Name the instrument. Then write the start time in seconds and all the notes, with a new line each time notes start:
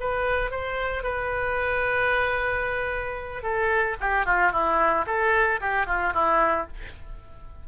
oboe
0.00 B4
0.51 C5
1.03 B4
3.43 A4
4.00 G4
4.26 F4
4.52 E4
5.06 A4
5.61 G4
5.86 F4
6.14 E4